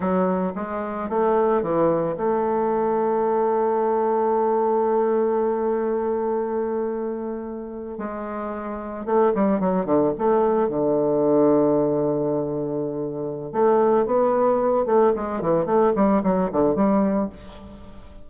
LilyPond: \new Staff \with { instrumentName = "bassoon" } { \time 4/4 \tempo 4 = 111 fis4 gis4 a4 e4 | a1~ | a1~ | a2~ a8. gis4~ gis16~ |
gis8. a8 g8 fis8 d8 a4 d16~ | d1~ | d4 a4 b4. a8 | gis8 e8 a8 g8 fis8 d8 g4 | }